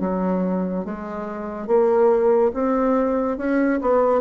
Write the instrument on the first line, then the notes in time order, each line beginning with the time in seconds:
bassoon
0.00 F#3
0.85 G#3
1.67 A#3
2.54 C4
3.38 C#4
3.81 B3